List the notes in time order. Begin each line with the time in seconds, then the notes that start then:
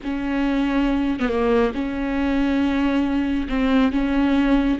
0.03 C#4
1.19 B3
1.28 A#3
1.74 C#4
3.48 C4
3.92 C#4